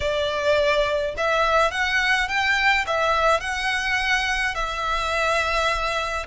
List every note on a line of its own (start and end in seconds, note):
0.00 1.14 D5
1.17 1.71 E5
1.71 2.28 F#5
2.28 2.85 G5
2.86 3.40 E5
3.40 4.54 F#5
4.55 6.26 E5